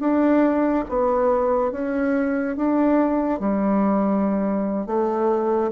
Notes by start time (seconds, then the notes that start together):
0.00 D4
0.89 B3
1.72 C#4
2.56 D4
3.40 G3
4.87 A3